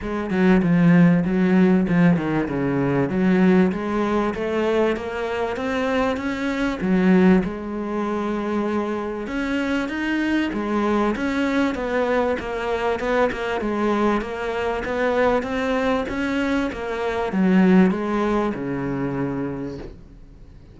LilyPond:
\new Staff \with { instrumentName = "cello" } { \time 4/4 \tempo 4 = 97 gis8 fis8 f4 fis4 f8 dis8 | cis4 fis4 gis4 a4 | ais4 c'4 cis'4 fis4 | gis2. cis'4 |
dis'4 gis4 cis'4 b4 | ais4 b8 ais8 gis4 ais4 | b4 c'4 cis'4 ais4 | fis4 gis4 cis2 | }